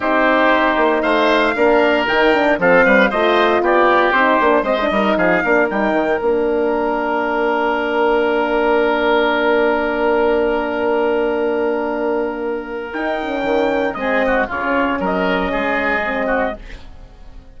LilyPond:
<<
  \new Staff \with { instrumentName = "trumpet" } { \time 4/4 \tempo 4 = 116 c''2 f''2 | g''4 f''4 dis''4 d''4 | c''4 dis''4 f''4 g''4 | f''1~ |
f''1~ | f''1~ | f''4 g''2 dis''4 | cis''4 dis''2. | }
  \new Staff \with { instrumentName = "oboe" } { \time 4/4 g'2 c''4 ais'4~ | ais'4 a'8 b'8 c''4 g'4~ | g'4 c''8 ais'8 gis'8 ais'4.~ | ais'1~ |
ais'1~ | ais'1~ | ais'2. gis'8 fis'8 | f'4 ais'4 gis'4. fis'8 | }
  \new Staff \with { instrumentName = "horn" } { \time 4/4 dis'2. d'4 | dis'8 d'8 c'4 f'2 | dis'8 d'8 c'16 d'16 dis'4 d'8 dis'4 | d'1~ |
d'1~ | d'1~ | d'4 dis'8 cis'4. c'4 | cis'2. c'4 | }
  \new Staff \with { instrumentName = "bassoon" } { \time 4/4 c'4. ais8 a4 ais4 | dis4 f8 g8 a4 b4 | c'8 ais8 gis8 g8 f8 ais8 g8 dis8 | ais1~ |
ais1~ | ais1~ | ais4 dis'4 dis4 gis4 | cis4 fis4 gis2 | }
>>